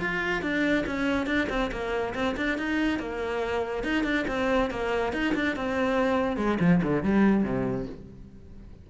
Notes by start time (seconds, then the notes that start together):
0.00 F4
0.42 D4
0.86 C#4
1.26 D4
1.49 C4
1.71 A#3
2.14 C4
2.37 D4
2.58 D#4
2.99 A#3
3.83 D#4
4.03 D4
4.28 C4
4.70 A#3
5.13 D#4
5.35 D4
5.56 C4
6.37 G#3
6.60 F3
6.83 D3
7.03 G3
7.44 C3